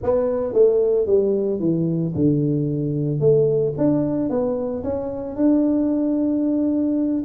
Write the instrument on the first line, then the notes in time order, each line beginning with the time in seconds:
tuba
0.02 B3
0.53 A3
1.06 G3
1.59 E3
2.15 D3
3.20 A3
3.77 D4
4.29 B3
4.83 C#4
5.35 D4